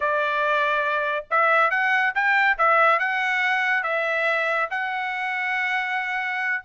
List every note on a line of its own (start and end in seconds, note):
0.00 1.25 D5
1.30 1.70 E5
1.70 2.13 F#5
2.14 2.57 G5
2.58 2.99 E5
2.99 3.83 F#5
3.83 4.69 E5
4.70 6.63 F#5